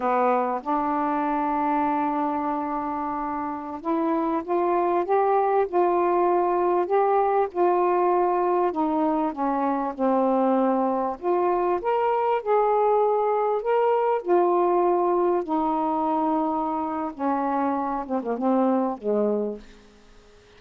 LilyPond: \new Staff \with { instrumentName = "saxophone" } { \time 4/4 \tempo 4 = 98 b4 d'2.~ | d'2~ d'16 e'4 f'8.~ | f'16 g'4 f'2 g'8.~ | g'16 f'2 dis'4 cis'8.~ |
cis'16 c'2 f'4 ais'8.~ | ais'16 gis'2 ais'4 f'8.~ | f'4~ f'16 dis'2~ dis'8. | cis'4. c'16 ais16 c'4 gis4 | }